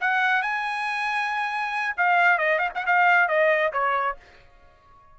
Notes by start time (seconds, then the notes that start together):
0.00 F#5
0.42 G#5
1.97 F5
2.38 D#5
2.58 F5
2.74 F#5
2.86 F5
3.28 D#5
3.72 C#5